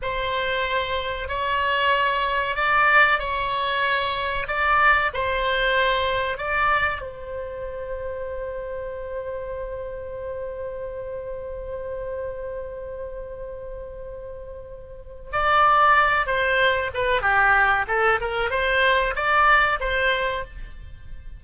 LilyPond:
\new Staff \with { instrumentName = "oboe" } { \time 4/4 \tempo 4 = 94 c''2 cis''2 | d''4 cis''2 d''4 | c''2 d''4 c''4~ | c''1~ |
c''1~ | c''1 | d''4. c''4 b'8 g'4 | a'8 ais'8 c''4 d''4 c''4 | }